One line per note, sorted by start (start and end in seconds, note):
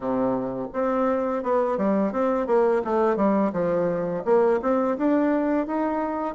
0.00 0.67 C3
0.73 1.43 C4
1.43 1.77 B3
1.77 2.12 G3
2.12 2.46 C4
2.46 2.82 A#3
2.84 3.16 A3
3.16 3.51 G3
3.53 4.23 F3
4.24 4.59 A#3
4.61 4.97 C4
4.97 5.66 D4
5.66 6.35 D#4